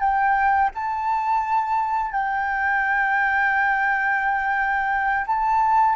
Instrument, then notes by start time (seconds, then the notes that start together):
flute
0.00 G5
0.75 A5
2.12 G5
5.26 A5